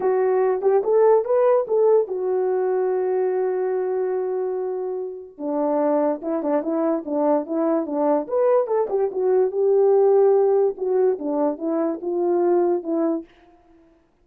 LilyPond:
\new Staff \with { instrumentName = "horn" } { \time 4/4 \tempo 4 = 145 fis'4. g'8 a'4 b'4 | a'4 fis'2.~ | fis'1~ | fis'4 d'2 e'8 d'8 |
e'4 d'4 e'4 d'4 | b'4 a'8 g'8 fis'4 g'4~ | g'2 fis'4 d'4 | e'4 f'2 e'4 | }